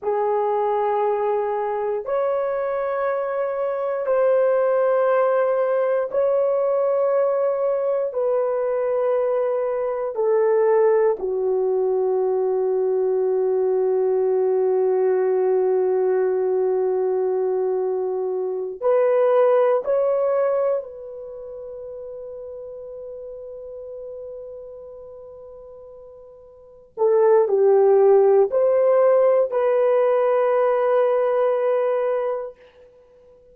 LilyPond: \new Staff \with { instrumentName = "horn" } { \time 4/4 \tempo 4 = 59 gis'2 cis''2 | c''2 cis''2 | b'2 a'4 fis'4~ | fis'1~ |
fis'2~ fis'8 b'4 cis''8~ | cis''8 b'2.~ b'8~ | b'2~ b'8 a'8 g'4 | c''4 b'2. | }